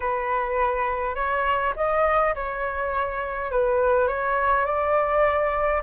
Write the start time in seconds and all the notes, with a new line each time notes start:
0.00 B4
1.15 C#5
1.76 D#5
2.35 C#5
3.51 B4
4.07 C#5
4.65 D5